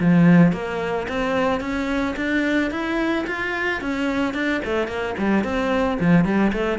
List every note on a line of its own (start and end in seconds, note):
0.00 0.53 F3
0.53 1.07 A#3
1.08 1.60 C4
1.60 2.15 C#4
2.17 2.71 D4
2.71 3.25 E4
3.27 3.81 F4
3.81 4.34 C#4
4.34 4.61 D4
4.65 4.87 A3
4.87 5.15 A#3
5.18 5.44 G3
5.44 5.99 C4
6.00 6.25 F3
6.25 6.52 G3
6.53 6.79 A3